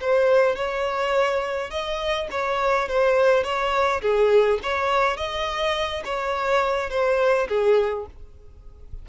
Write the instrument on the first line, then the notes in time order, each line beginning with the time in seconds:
violin
0.00 C5
0.55 C#5
1.70 D#5
2.30 C#5
2.88 C5
3.43 C#5
4.01 G#4
4.63 C#5
5.16 D#5
6.04 C#5
6.90 C5
7.48 G#4